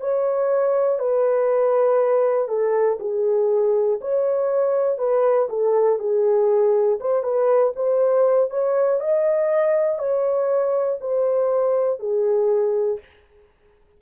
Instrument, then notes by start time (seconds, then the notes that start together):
horn
0.00 C#5
0.99 B4
2.49 A4
3.00 G#4
4.01 C#5
4.99 B4
5.49 A4
6.00 G#4
7.00 C5
7.23 B4
7.76 C5
8.50 C#5
9.00 D#5
9.99 C#5
11.01 C5
12.00 G#4